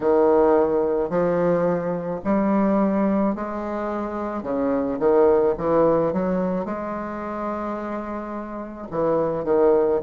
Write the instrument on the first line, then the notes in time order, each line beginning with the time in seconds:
bassoon
0.00 D#3
1.09 F3
2.24 G3
3.35 G#3
4.42 C#3
4.98 D#3
5.57 E3
6.13 F#3
6.65 G#3
8.90 E3
9.44 D#3